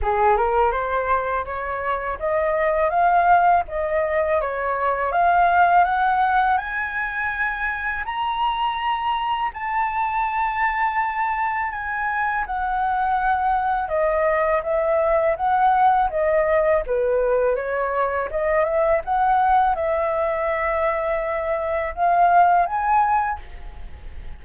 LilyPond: \new Staff \with { instrumentName = "flute" } { \time 4/4 \tempo 4 = 82 gis'8 ais'8 c''4 cis''4 dis''4 | f''4 dis''4 cis''4 f''4 | fis''4 gis''2 ais''4~ | ais''4 a''2. |
gis''4 fis''2 dis''4 | e''4 fis''4 dis''4 b'4 | cis''4 dis''8 e''8 fis''4 e''4~ | e''2 f''4 gis''4 | }